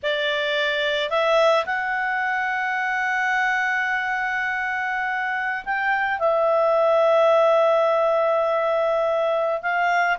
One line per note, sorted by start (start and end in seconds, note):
0.03 1.10 D5
1.10 1.65 E5
1.65 5.64 F#5
5.64 6.19 G5
6.19 9.62 E5
9.62 10.17 F5